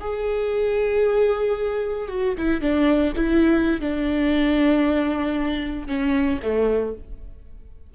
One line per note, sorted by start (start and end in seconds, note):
0.00 2.08 G#4
2.08 2.34 F#4
2.38 2.61 E4
2.61 3.13 D4
3.15 3.80 E4
3.80 5.87 D4
5.87 6.39 C#4
6.42 6.94 A3